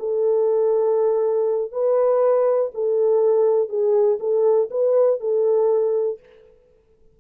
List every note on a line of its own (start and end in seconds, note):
0.00 1.72 A4
1.72 2.72 B4
2.75 3.69 A4
3.69 4.19 G#4
4.20 4.70 A4
4.71 5.21 B4
5.21 6.20 A4